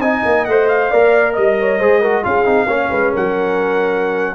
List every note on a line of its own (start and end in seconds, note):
0.00 0.22 C4
0.00 0.48 D#4
0.00 0.90 D#5
0.00 0.45 G#5
0.26 0.48 A#3
0.45 0.92 A3
0.45 0.93 C5
0.45 0.68 F#5
0.69 1.35 F5
0.91 1.37 A#3
0.91 1.81 A#4
0.91 1.34 D5
1.34 1.81 G3
1.34 1.56 D#5
1.34 2.25 D#5
1.60 1.80 C#5
1.80 2.25 G#3
1.80 2.03 G#4
1.80 2.01 C5
2.01 2.24 F#4
2.01 2.23 A#4
2.24 2.45 C#4
2.24 2.45 F4
2.24 2.67 G#4
2.24 3.14 F5
2.45 2.66 C4
2.45 2.67 D#4
2.66 2.88 A#3
2.66 4.36 C#4
2.66 2.90 C#5
2.90 3.15 G#3
2.90 3.13 B4
3.13 4.36 F#3
3.13 4.35 A#4
3.13 4.36 F#5